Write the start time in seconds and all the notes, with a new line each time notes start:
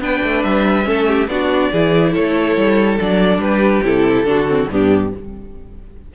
0.00 B3 D4 B4 G5
0.23 A3
0.42 G3 E5
0.84 A3 C#4 A4
1.07 G4
1.27 B3 D4 F#4 D5
1.72 E3 E4 G#4
2.12 A3 A4 C#5
2.56 G3
3.00 F#3 D4 D5
3.38 G3 G4 B4
3.83 C3 E4 A4
4.24 D3 D4 F#4
4.47 C4
4.70 G2 B3 D4 G4